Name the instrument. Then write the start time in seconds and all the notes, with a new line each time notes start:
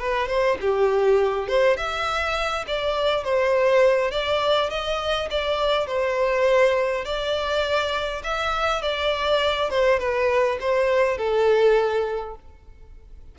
violin
0.00 B4
0.29 C5
0.61 G4
1.48 C5
1.78 E5
2.68 D5
3.24 C5
4.12 D5
4.71 D#5
5.31 D5
5.87 C5
7.05 D5
8.24 E5
8.83 D5
9.71 C5
10.00 B4
10.61 C5
11.18 A4